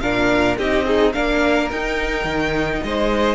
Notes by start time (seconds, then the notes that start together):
0.00 A#2 D4 A#4 F5
0.58 C4 D#4 G4 D#5
0.84 D#4 G#4
1.12 A#3 D4 A#4 F5
1.70 D#4 G5
2.24 D#3
2.83 G#3 C5 D#5